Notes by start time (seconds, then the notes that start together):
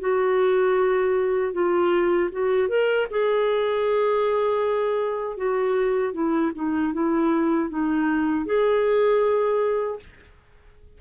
0.00 F#4
1.53 F4
2.32 F#4
2.69 A#4
3.10 G#4
5.37 F#4
6.13 E4
6.55 D#4
6.93 E4
7.70 D#4
8.45 G#4